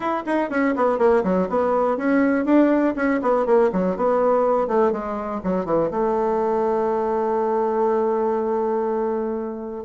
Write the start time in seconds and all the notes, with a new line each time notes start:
0.00 E4
0.25 D#4
0.50 C#4
0.76 B3
0.98 A#3
1.23 F#3
1.49 B3
1.97 C#4
2.45 D4
2.96 C#4
3.22 B3
3.46 A#3
3.72 F#3
3.96 B3
4.67 A3
4.92 G#3
5.43 F#3
5.65 E3
5.90 A3